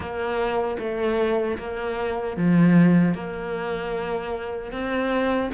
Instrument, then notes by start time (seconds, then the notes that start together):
cello
0.00 A#3
0.78 A3
1.58 A#3
2.36 F3
3.14 A#3
4.72 C4